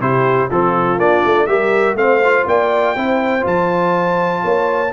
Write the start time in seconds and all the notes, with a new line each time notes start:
0.00 C3 E4 G4 C5
0.50 F3 C4 F4 A4
0.97 A#3 D4 D5
1.25 A3
1.47 G3 G4 A#4 E5
1.95 A3 C4 C5 F5
2.25 F4
2.46 A#3 D5 G5
2.96 C4 E4 C5
3.41 F3 F4 A5
4.43 A#3 C#5